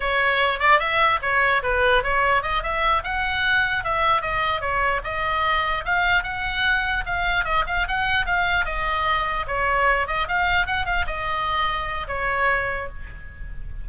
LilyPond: \new Staff \with { instrumentName = "oboe" } { \time 4/4 \tempo 4 = 149 cis''4. d''8 e''4 cis''4 | b'4 cis''4 dis''8 e''4 fis''8~ | fis''4. e''4 dis''4 cis''8~ | cis''8 dis''2 f''4 fis''8~ |
fis''4. f''4 dis''8 f''8 fis''8~ | fis''8 f''4 dis''2 cis''8~ | cis''4 dis''8 f''4 fis''8 f''8 dis''8~ | dis''2 cis''2 | }